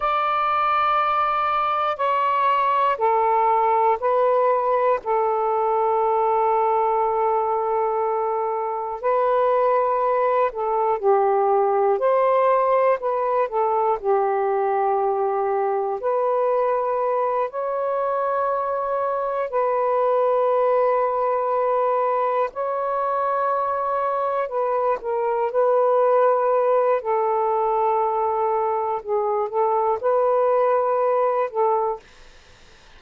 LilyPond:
\new Staff \with { instrumentName = "saxophone" } { \time 4/4 \tempo 4 = 60 d''2 cis''4 a'4 | b'4 a'2.~ | a'4 b'4. a'8 g'4 | c''4 b'8 a'8 g'2 |
b'4. cis''2 b'8~ | b'2~ b'8 cis''4.~ | cis''8 b'8 ais'8 b'4. a'4~ | a'4 gis'8 a'8 b'4. a'8 | }